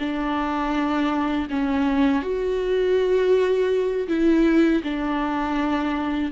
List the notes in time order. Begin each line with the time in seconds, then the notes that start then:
0.00 D4
1.51 C#4
2.23 F#4
4.09 E4
4.84 D4